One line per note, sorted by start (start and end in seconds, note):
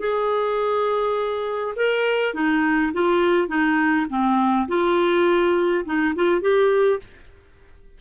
0.00 1.75 G#4
1.77 2.35 A#4
2.35 2.93 D#4
2.94 3.48 F4
3.48 4.07 D#4
4.10 4.68 C4
4.69 5.85 F4
5.86 6.15 D#4
6.16 6.42 F4
6.42 7.00 G4